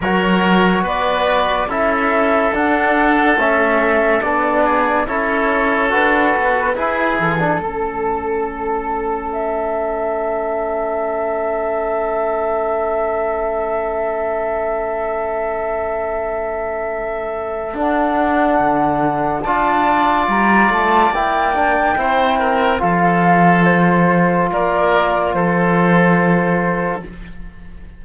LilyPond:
<<
  \new Staff \with { instrumentName = "flute" } { \time 4/4 \tempo 4 = 71 cis''4 d''4 e''4 fis''4 | e''4 d''4 cis''4 b'4~ | b'8 a'2~ a'8 e''4~ | e''1~ |
e''1~ | e''4 fis''2 a''4 | ais''8 a''8 g''2 f''4 | c''4 d''4 c''2 | }
  \new Staff \with { instrumentName = "oboe" } { \time 4/4 ais'4 b'4 a'2~ | a'4. gis'8 a'2 | gis'4 a'2.~ | a'1~ |
a'1~ | a'2. d''4~ | d''2 c''8 ais'8 a'4~ | a'4 ais'4 a'2 | }
  \new Staff \with { instrumentName = "trombone" } { \time 4/4 fis'2 e'4 d'4 | cis'4 d'4 e'4 fis'4 | e'8. d'16 cis'2.~ | cis'1~ |
cis'1~ | cis'4 d'2 f'4~ | f'4 e'8 d'8 e'4 f'4~ | f'1 | }
  \new Staff \with { instrumentName = "cello" } { \time 4/4 fis4 b4 cis'4 d'4 | a4 b4 cis'4 d'8 b8 | e'8 e8 a2.~ | a1~ |
a1~ | a4 d'4 d4 d'4 | g8 a8 ais4 c'4 f4~ | f4 ais4 f2 | }
>>